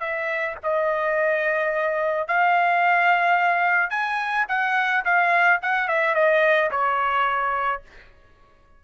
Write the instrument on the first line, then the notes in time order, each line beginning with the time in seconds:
trumpet
0.00 E5
0.63 D#5
2.28 F5
3.90 G#5
4.48 F#5
5.05 F5
5.62 F#5
5.88 E5
6.15 D#5
6.71 C#5